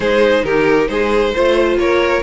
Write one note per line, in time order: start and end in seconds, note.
0.00 0.43 G#3
0.00 1.34 D#4
0.00 0.44 G#4
0.00 0.43 C5
0.43 0.88 D#3
0.43 0.89 G4
0.43 0.88 A#4
0.88 1.33 G#3
0.88 1.34 G#4
0.88 1.77 C5
1.34 1.77 A3
1.34 2.22 F4
1.34 1.79 C5
1.77 2.22 A#3
1.77 2.22 A#4
1.77 2.22 C#5